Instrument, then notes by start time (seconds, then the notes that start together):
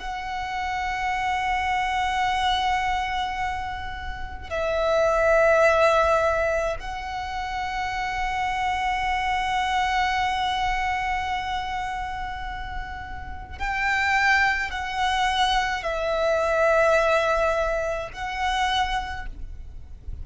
violin
0.00 F#5
4.50 E5
6.80 F#5
13.59 G5
14.71 F#5
15.83 E5
18.14 F#5